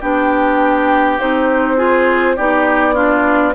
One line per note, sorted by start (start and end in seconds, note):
0.00 1.19 B3
0.00 1.19 D4
0.00 1.76 G4
0.00 1.19 G5
1.19 2.38 C4
1.19 1.77 D#4
1.19 2.37 C5
1.77 2.36 F4
1.77 2.36 G#4
2.36 3.55 B3
2.36 2.94 D#4
2.36 2.94 G4
2.36 3.54 D5
2.94 3.53 D4
2.94 3.53 F4